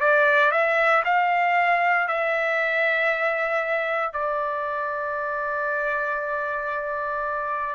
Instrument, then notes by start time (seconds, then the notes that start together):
trumpet
0.00 D5
0.51 E5
1.04 F5
2.08 E5
4.13 D5